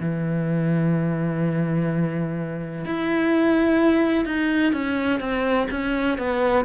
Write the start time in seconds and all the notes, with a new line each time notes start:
0.00 E3
2.85 E4
4.25 D#4
4.73 C#4
5.19 C4
5.70 C#4
6.18 B3